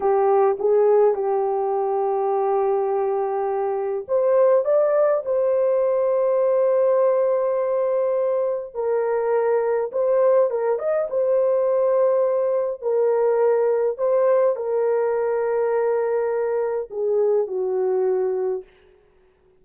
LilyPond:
\new Staff \with { instrumentName = "horn" } { \time 4/4 \tempo 4 = 103 g'4 gis'4 g'2~ | g'2. c''4 | d''4 c''2.~ | c''2. ais'4~ |
ais'4 c''4 ais'8 dis''8 c''4~ | c''2 ais'2 | c''4 ais'2.~ | ais'4 gis'4 fis'2 | }